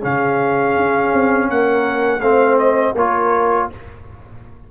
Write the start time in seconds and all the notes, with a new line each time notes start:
0.00 C#3 C#4 G#4 F5
0.76 C#4
1.13 C4
1.48 A#3 A#4 F#5
2.20 A3 C4 C5 F5
2.58 D#5
2.93 A#3 F4 A#4 C#5